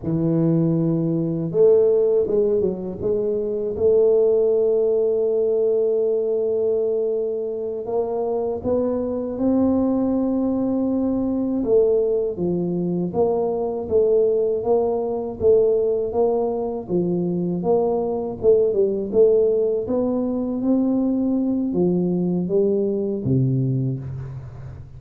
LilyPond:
\new Staff \with { instrumentName = "tuba" } { \time 4/4 \tempo 4 = 80 e2 a4 gis8 fis8 | gis4 a2.~ | a2~ a8 ais4 b8~ | b8 c'2. a8~ |
a8 f4 ais4 a4 ais8~ | ais8 a4 ais4 f4 ais8~ | ais8 a8 g8 a4 b4 c'8~ | c'4 f4 g4 c4 | }